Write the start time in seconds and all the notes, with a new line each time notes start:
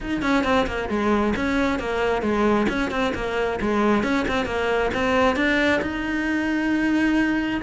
0.00 D#4
0.21 C#4
0.44 C4
0.66 A#3
0.89 G#3
1.36 C#4
1.79 A#3
2.22 G#3
2.69 C#4
2.90 C4
3.14 A#3
3.60 G#3
4.03 C#4
4.28 C4
4.45 A#3
4.94 C4
5.36 D4
5.81 D#4